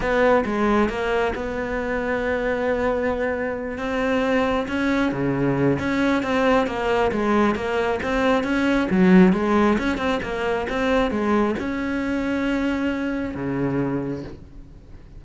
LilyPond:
\new Staff \with { instrumentName = "cello" } { \time 4/4 \tempo 4 = 135 b4 gis4 ais4 b4~ | b1~ | b8 c'2 cis'4 cis8~ | cis4 cis'4 c'4 ais4 |
gis4 ais4 c'4 cis'4 | fis4 gis4 cis'8 c'8 ais4 | c'4 gis4 cis'2~ | cis'2 cis2 | }